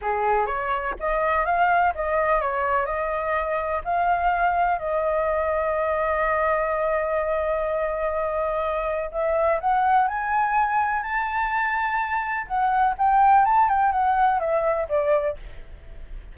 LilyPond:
\new Staff \with { instrumentName = "flute" } { \time 4/4 \tempo 4 = 125 gis'4 cis''4 dis''4 f''4 | dis''4 cis''4 dis''2 | f''2 dis''2~ | dis''1~ |
dis''2. e''4 | fis''4 gis''2 a''4~ | a''2 fis''4 g''4 | a''8 g''8 fis''4 e''4 d''4 | }